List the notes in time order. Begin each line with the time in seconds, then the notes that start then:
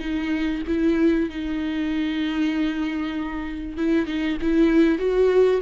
0.00 D#4
0.68 E4
1.30 D#4
3.78 E4
4.07 D#4
4.42 E4
4.99 F#4